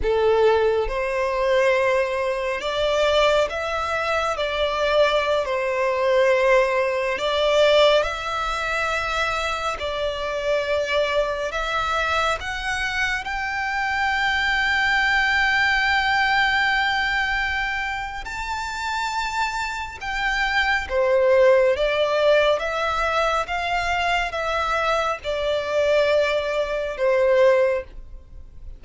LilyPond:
\new Staff \with { instrumentName = "violin" } { \time 4/4 \tempo 4 = 69 a'4 c''2 d''4 | e''4 d''4~ d''16 c''4.~ c''16~ | c''16 d''4 e''2 d''8.~ | d''4~ d''16 e''4 fis''4 g''8.~ |
g''1~ | g''4 a''2 g''4 | c''4 d''4 e''4 f''4 | e''4 d''2 c''4 | }